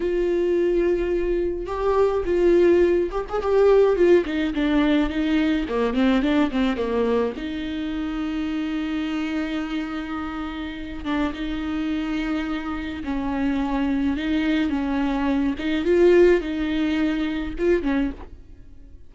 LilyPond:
\new Staff \with { instrumentName = "viola" } { \time 4/4 \tempo 4 = 106 f'2. g'4 | f'4. g'16 gis'16 g'4 f'8 dis'8 | d'4 dis'4 ais8 c'8 d'8 c'8 | ais4 dis'2.~ |
dis'2.~ dis'8 d'8 | dis'2. cis'4~ | cis'4 dis'4 cis'4. dis'8 | f'4 dis'2 f'8 cis'8 | }